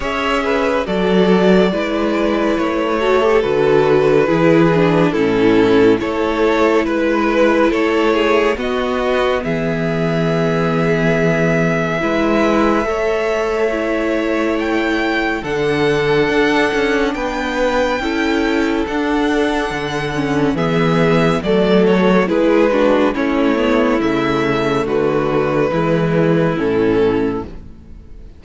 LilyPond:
<<
  \new Staff \with { instrumentName = "violin" } { \time 4/4 \tempo 4 = 70 e''4 d''2 cis''4 | b'2 a'4 cis''4 | b'4 cis''4 dis''4 e''4~ | e''1~ |
e''4 g''4 fis''2 | g''2 fis''2 | e''4 d''8 cis''8 b'4 cis''4 | e''4 b'2 a'4 | }
  \new Staff \with { instrumentName = "violin" } { \time 4/4 cis''8 b'8 a'4 b'4. a'8~ | a'4 gis'4 e'4 a'4 | b'4 a'8 gis'8 fis'4 gis'4~ | gis'2 b'4 cis''4~ |
cis''2 a'2 | b'4 a'2. | gis'4 a'4 gis'8 fis'8 e'4~ | e'4 fis'4 e'2 | }
  \new Staff \with { instrumentName = "viola" } { \time 4/4 gis'4 fis'4 e'4. fis'16 g'16 | fis'4 e'8 d'8 cis'4 e'4~ | e'2 b2~ | b2 e'4 a'4 |
e'2 d'2~ | d'4 e'4 d'4. cis'8 | b4 a4 e'8 d'8 cis'8 b8 | a2 gis4 cis'4 | }
  \new Staff \with { instrumentName = "cello" } { \time 4/4 cis'4 fis4 gis4 a4 | d4 e4 a,4 a4 | gis4 a4 b4 e4~ | e2 gis4 a4~ |
a2 d4 d'8 cis'8 | b4 cis'4 d'4 d4 | e4 fis4 gis4 a4 | cis4 d4 e4 a,4 | }
>>